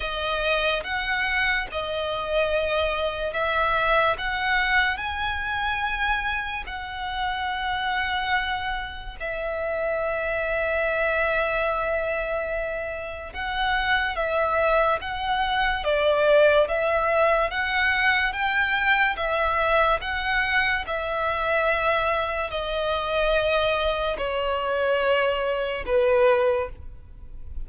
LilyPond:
\new Staff \with { instrumentName = "violin" } { \time 4/4 \tempo 4 = 72 dis''4 fis''4 dis''2 | e''4 fis''4 gis''2 | fis''2. e''4~ | e''1 |
fis''4 e''4 fis''4 d''4 | e''4 fis''4 g''4 e''4 | fis''4 e''2 dis''4~ | dis''4 cis''2 b'4 | }